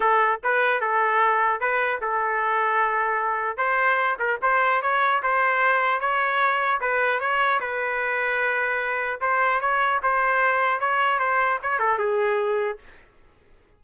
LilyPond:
\new Staff \with { instrumentName = "trumpet" } { \time 4/4 \tempo 4 = 150 a'4 b'4 a'2 | b'4 a'2.~ | a'4 c''4. ais'8 c''4 | cis''4 c''2 cis''4~ |
cis''4 b'4 cis''4 b'4~ | b'2. c''4 | cis''4 c''2 cis''4 | c''4 cis''8 a'8 gis'2 | }